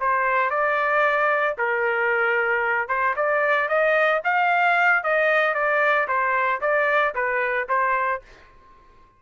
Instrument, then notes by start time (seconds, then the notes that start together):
trumpet
0.00 C5
0.50 D5
1.58 A#4
2.88 C5
3.16 D5
3.68 D#5
4.24 F5
5.03 D#5
5.54 D5
6.07 C5
6.61 D5
7.15 B4
7.69 C5